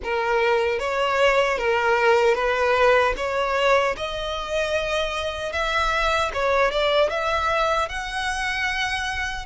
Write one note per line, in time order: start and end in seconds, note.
0.03 0.79 A#4
0.79 1.58 C#5
1.58 2.34 A#4
2.34 3.13 B4
3.16 3.95 C#5
3.96 5.52 D#5
5.52 6.31 E5
6.33 6.71 C#5
6.71 7.09 D5
7.09 7.88 E5
7.88 9.45 F#5